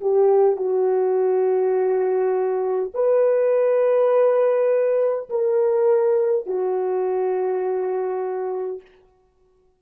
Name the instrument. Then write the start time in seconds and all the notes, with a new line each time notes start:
horn
0.00 G4
0.56 F#4
2.94 B4
5.29 A#4
6.46 F#4